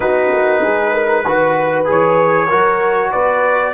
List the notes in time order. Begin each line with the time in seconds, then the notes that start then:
0.00 B3 D#4 F#4 B4
0.32 A#3
0.61 G#3 G#4
0.93 A#4
1.24 D#3 F#4 B4
1.85 E3 G#4 C#5
2.49 F#3 F#4 A#4
3.11 B3 B4 D5